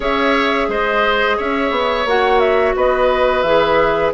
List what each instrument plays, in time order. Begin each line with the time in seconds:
0.00 bassoon C#4, clarinet G#4, oboe C#5, flute E5
0.68 bassoon G#3, oboe C5, flute D#5
1.37 bassoon C#4, oboe C#5, flute E5
1.70 bassoon B3
2.05 bassoon A#3, clarinet F#4, flute F#5
2.39 flute E5
2.75 bassoon B3, oboe B4, flute D#5
3.42 bassoon E3, clarinet G#4, flute E5